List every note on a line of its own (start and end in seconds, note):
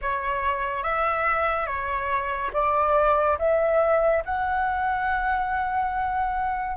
0.01 0.83 C#5
0.83 1.66 E5
1.66 2.50 C#5
2.53 3.38 D5
3.38 4.23 E5
4.25 6.77 F#5